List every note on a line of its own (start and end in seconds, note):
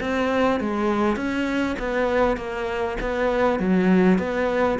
0.00 0.60 C4
0.60 1.16 G#3
1.16 1.76 C#4
1.79 2.37 B3
2.37 2.97 A#3
3.01 3.59 B3
3.59 4.18 F#3
4.18 4.78 B3